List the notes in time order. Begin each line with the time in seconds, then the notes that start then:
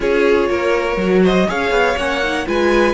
0.00 C#4 F4 G#4 C#5
0.49 A#3 A#4
0.96 F#3 F#4
1.23 C5 D#5
1.47 C#4 G#4 C#5 F5
1.70 B3
1.97 A#3 C#4 F#5
2.23 D#4
2.46 G#3 F4 B4 G#5